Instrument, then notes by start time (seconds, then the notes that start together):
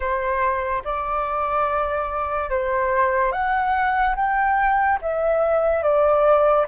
flute
0.00 C5
0.84 D5
2.50 C5
3.31 F#5
4.15 G5
5.01 E5
5.83 D5